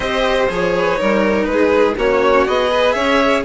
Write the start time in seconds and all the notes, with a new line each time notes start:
0.00 C4 G4 C5 D#5
0.49 F3 G#4 C#5
0.76 B4
0.95 G3 D#4 A#4
1.44 G#3 B4
1.52 G#4
1.97 A#3 C#4 F#4 C#5
2.47 B3 G#4 D#5
2.71 B4
2.92 C#4 C#5 E5